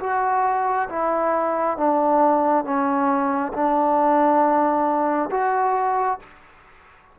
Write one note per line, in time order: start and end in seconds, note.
0.00 0.88 F#4
0.89 1.77 E4
1.77 2.64 D4
2.64 3.52 C#4
3.53 5.29 D4
5.31 6.19 F#4